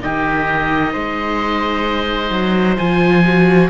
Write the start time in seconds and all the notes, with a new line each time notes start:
0.00 D#3 D#4 G4 D#5
0.93 G#3 C5
2.31 F#3
2.78 F3 F4 G#5
3.26 F#4